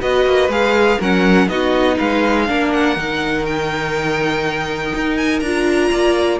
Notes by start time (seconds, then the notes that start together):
0.00 B3 F#4 B4 D#5
0.25 A#3
0.48 G#3 G#4 F5
0.99 F#3 C#4 A#4 F#5
1.48 B3 D#4 F#4 D#5
1.96 G#3 B4 F5
2.47 A#3 D4 A#4
2.72 F#5
2.96 D#3 D#4
3.45 G5
4.94 D#4
5.17 G#5
5.39 D4 F4 A#5
5.91 A#3 D5